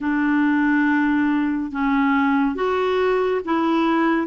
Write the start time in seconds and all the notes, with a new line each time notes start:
0.00 D4
1.71 C#4
2.55 F#4
3.44 E4